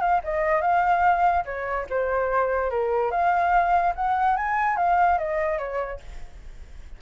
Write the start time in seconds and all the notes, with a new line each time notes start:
0.00 F5
0.24 D#5
0.61 F5
1.45 C#5
1.90 C5
2.70 A#4
3.11 F5
3.95 F#5
4.36 G#5
4.77 F5
5.18 D#5
5.58 C#5